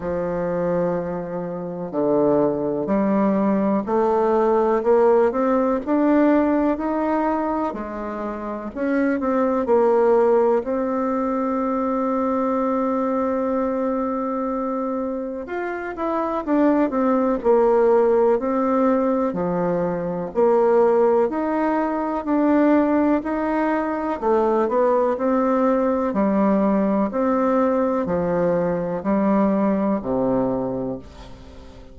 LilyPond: \new Staff \with { instrumentName = "bassoon" } { \time 4/4 \tempo 4 = 62 f2 d4 g4 | a4 ais8 c'8 d'4 dis'4 | gis4 cis'8 c'8 ais4 c'4~ | c'1 |
f'8 e'8 d'8 c'8 ais4 c'4 | f4 ais4 dis'4 d'4 | dis'4 a8 b8 c'4 g4 | c'4 f4 g4 c4 | }